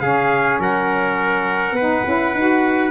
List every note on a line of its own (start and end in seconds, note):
0.00 0.59 C#3
0.00 1.75 C#4
0.00 0.60 G#4
0.00 0.58 F5
0.59 1.72 F#3
0.59 1.76 A#4
0.59 2.91 F#5
1.72 2.01 B3
1.72 2.91 B4
1.79 2.06 D#4
2.06 2.34 C#4
2.06 2.35 E4
2.34 2.91 D#4
2.34 2.91 F#4